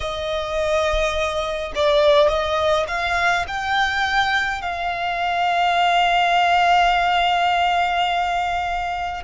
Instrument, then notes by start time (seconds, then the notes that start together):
violin
0.00 D#5
1.75 D5
2.28 D#5
2.87 F5
3.47 G5
4.61 F5